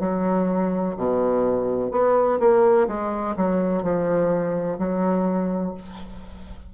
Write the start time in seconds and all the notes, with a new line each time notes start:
0.00 F#3
0.97 B2
1.91 B3
2.40 A#3
2.88 G#3
3.37 F#3
3.83 F3
4.79 F#3